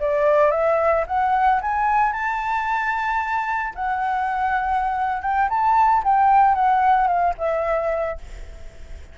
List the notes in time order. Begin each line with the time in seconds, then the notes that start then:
0.00 D5
0.51 E5
1.07 F#5
1.61 G#5
2.13 A5
3.75 F#5
5.22 G5
5.50 A5
6.04 G5
6.55 F#5
7.08 F5
7.38 E5